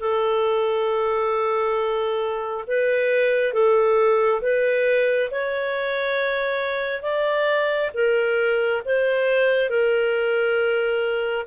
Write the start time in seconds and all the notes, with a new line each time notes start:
0.00 A4
2.68 B4
3.53 A4
4.42 B4
5.31 C#5
7.02 D5
7.94 A#4
8.86 C5
9.70 A#4